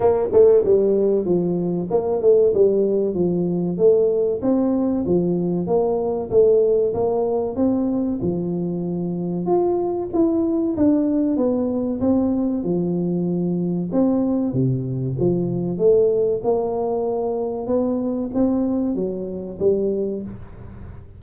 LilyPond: \new Staff \with { instrumentName = "tuba" } { \time 4/4 \tempo 4 = 95 ais8 a8 g4 f4 ais8 a8 | g4 f4 a4 c'4 | f4 ais4 a4 ais4 | c'4 f2 f'4 |
e'4 d'4 b4 c'4 | f2 c'4 c4 | f4 a4 ais2 | b4 c'4 fis4 g4 | }